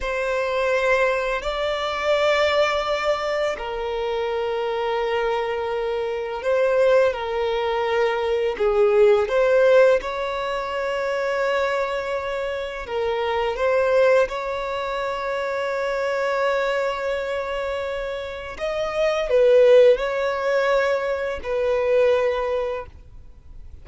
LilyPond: \new Staff \with { instrumentName = "violin" } { \time 4/4 \tempo 4 = 84 c''2 d''2~ | d''4 ais'2.~ | ais'4 c''4 ais'2 | gis'4 c''4 cis''2~ |
cis''2 ais'4 c''4 | cis''1~ | cis''2 dis''4 b'4 | cis''2 b'2 | }